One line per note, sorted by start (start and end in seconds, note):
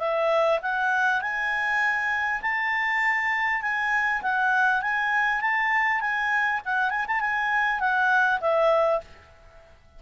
0.00 0.60 E5
0.63 1.22 F#5
1.22 2.42 G#5
2.42 3.62 A5
3.62 4.22 G#5
4.23 4.82 F#5
4.82 5.42 G#5
5.42 6.01 A5
6.01 6.61 G#5
6.66 6.91 F#5
6.91 7.06 G#5
7.08 7.21 A5
7.21 7.80 G#5
7.80 8.40 F#5
8.41 9.01 E5